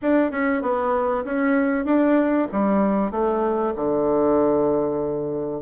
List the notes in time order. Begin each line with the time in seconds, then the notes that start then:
0.01 D4
0.31 C#4
0.62 B3
1.24 C#4
1.85 D4
2.52 G3
3.11 A3
3.75 D3